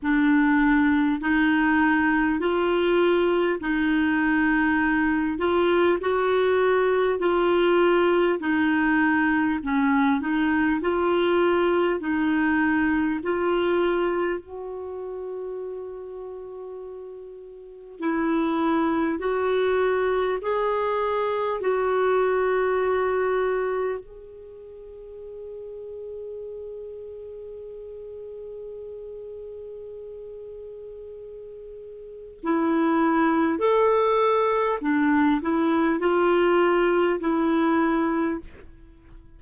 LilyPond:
\new Staff \with { instrumentName = "clarinet" } { \time 4/4 \tempo 4 = 50 d'4 dis'4 f'4 dis'4~ | dis'8 f'8 fis'4 f'4 dis'4 | cis'8 dis'8 f'4 dis'4 f'4 | fis'2. e'4 |
fis'4 gis'4 fis'2 | gis'1~ | gis'2. e'4 | a'4 d'8 e'8 f'4 e'4 | }